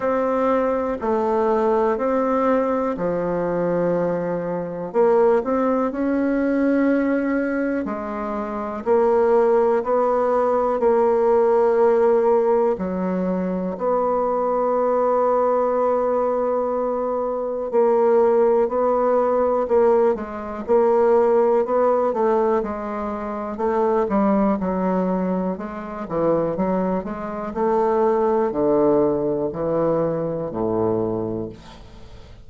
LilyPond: \new Staff \with { instrumentName = "bassoon" } { \time 4/4 \tempo 4 = 61 c'4 a4 c'4 f4~ | f4 ais8 c'8 cis'2 | gis4 ais4 b4 ais4~ | ais4 fis4 b2~ |
b2 ais4 b4 | ais8 gis8 ais4 b8 a8 gis4 | a8 g8 fis4 gis8 e8 fis8 gis8 | a4 d4 e4 a,4 | }